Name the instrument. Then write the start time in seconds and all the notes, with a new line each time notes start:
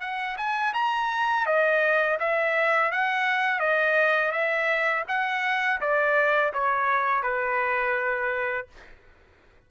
trumpet
0.00 F#5
0.37 G#5
0.73 A#5
1.46 D#5
2.19 E5
2.91 F#5
3.59 D#5
4.31 E5
5.08 F#5
5.80 D5
6.53 C#5
7.23 B4